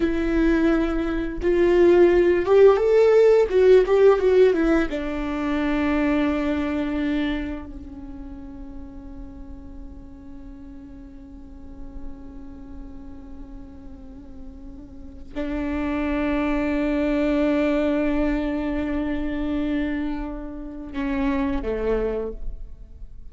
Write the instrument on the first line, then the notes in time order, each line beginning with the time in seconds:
viola
0.00 E4
1.41 F4
2.45 G4
2.77 A4
3.49 F#4
3.86 G4
4.19 F#4
4.53 E4
4.89 D4
7.66 C#4
15.35 D4
20.93 C#4
21.62 A3